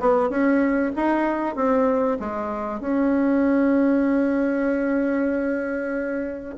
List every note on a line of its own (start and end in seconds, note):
0.00 0.29 B3
0.29 0.92 C#4
0.96 1.55 D#4
1.55 2.18 C4
2.20 2.80 G#3
2.80 6.55 C#4